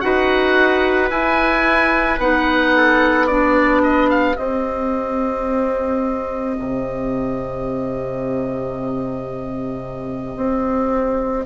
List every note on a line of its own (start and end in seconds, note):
0.00 1.10 D#4
0.00 1.10 F#4
0.00 2.76 B4
0.00 1.09 F#5
1.10 2.19 E4
1.10 2.18 E4
1.10 2.20 G#5
2.18 4.37 B3
2.18 3.28 D#4
2.18 3.27 F#5
2.76 3.29 A4
3.27 4.35 D4
3.27 11.45 G4
3.27 3.81 D5
3.83 4.10 D#5
4.10 4.36 F5
4.35 11.44 C4
4.35 6.56 C4
4.35 11.45 D#5
6.59 10.36 C3
10.36 11.45 C4